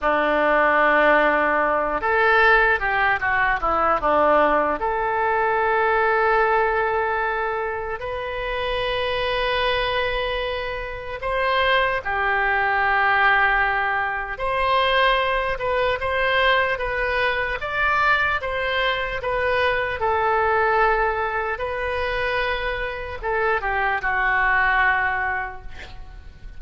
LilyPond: \new Staff \with { instrumentName = "oboe" } { \time 4/4 \tempo 4 = 75 d'2~ d'8 a'4 g'8 | fis'8 e'8 d'4 a'2~ | a'2 b'2~ | b'2 c''4 g'4~ |
g'2 c''4. b'8 | c''4 b'4 d''4 c''4 | b'4 a'2 b'4~ | b'4 a'8 g'8 fis'2 | }